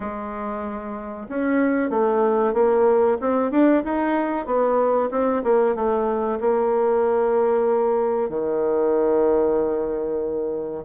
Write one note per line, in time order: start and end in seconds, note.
0.00 1.27 G#3
1.28 1.90 C#4
1.90 2.53 A3
2.53 3.17 A#3
3.21 3.51 C4
3.51 3.83 D4
3.84 4.45 D#4
4.45 5.09 B3
5.11 5.43 C4
5.43 5.74 A#3
5.74 6.38 A3
6.40 8.29 A#3
8.29 10.84 D#3